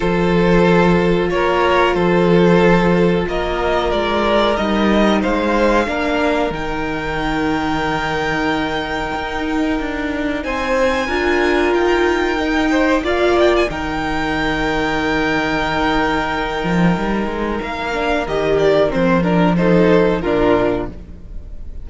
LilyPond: <<
  \new Staff \with { instrumentName = "violin" } { \time 4/4 \tempo 4 = 92 c''2 cis''4 c''4~ | c''4 dis''4 d''4 dis''4 | f''2 g''2~ | g''1 |
gis''2 g''2 | f''8 g''16 gis''16 g''2.~ | g''2. f''4 | dis''8 d''8 c''8 ais'8 c''4 ais'4 | }
  \new Staff \with { instrumentName = "violin" } { \time 4/4 a'2 ais'4 a'4~ | a'4 ais'2. | c''4 ais'2.~ | ais'1 |
c''4 ais'2~ ais'8 c''8 | d''4 ais'2.~ | ais'1~ | ais'2 a'4 f'4 | }
  \new Staff \with { instrumentName = "viola" } { \time 4/4 f'1~ | f'2. dis'4~ | dis'4 d'4 dis'2~ | dis'1~ |
dis'4 f'2 dis'4 | f'4 dis'2.~ | dis'2.~ dis'8 d'8 | g'4 c'8 d'8 dis'4 d'4 | }
  \new Staff \with { instrumentName = "cello" } { \time 4/4 f2 ais4 f4~ | f4 ais4 gis4 g4 | gis4 ais4 dis2~ | dis2 dis'4 d'4 |
c'4 d'4 dis'2 | ais4 dis2.~ | dis4. f8 g8 gis8 ais4 | dis4 f2 ais,4 | }
>>